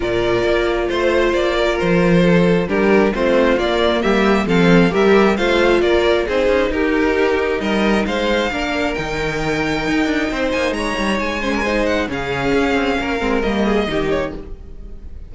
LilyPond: <<
  \new Staff \with { instrumentName = "violin" } { \time 4/4 \tempo 4 = 134 d''2 c''4 d''4 | c''2 ais'4 c''4 | d''4 e''4 f''4 e''4 | f''4 d''4 c''4 ais'4~ |
ais'4 dis''4 f''2 | g''2.~ g''8 gis''8 | ais''4 gis''4. fis''8 f''4~ | f''2 dis''4. cis''8 | }
  \new Staff \with { instrumentName = "violin" } { \time 4/4 ais'2 c''4. ais'8~ | ais'4 a'4 g'4 f'4~ | f'4 g'4 a'4 ais'4 | c''4 ais'4 gis'4 g'4~ |
g'4 ais'4 c''4 ais'4~ | ais'2. c''4 | cis''4. c''16 ais'16 c''4 gis'4~ | gis'4 ais'4. gis'8 g'4 | }
  \new Staff \with { instrumentName = "viola" } { \time 4/4 f'1~ | f'2 d'4 c'4 | ais2 c'4 g'4 | f'2 dis'2~ |
dis'2. d'4 | dis'1~ | dis'4. cis'8 dis'4 cis'4~ | cis'4. c'8 ais4 dis'4 | }
  \new Staff \with { instrumentName = "cello" } { \time 4/4 ais,4 ais4 a4 ais4 | f2 g4 a4 | ais4 g4 f4 g4 | a4 ais4 c'8 cis'8 dis'4~ |
dis'4 g4 gis4 ais4 | dis2 dis'8 d'8 c'8 ais8 | gis8 g8 gis2 cis4 | cis'8 c'8 ais8 gis8 g4 dis4 | }
>>